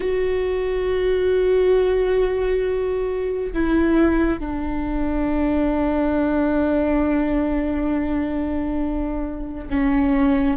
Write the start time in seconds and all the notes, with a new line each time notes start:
0.00 F#4
3.53 E4
4.39 D4
9.69 C#4